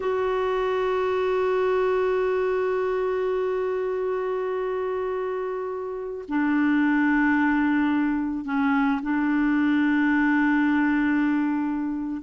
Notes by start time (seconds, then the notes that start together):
0.00 F#4
6.28 D4
8.44 C#4
9.02 D4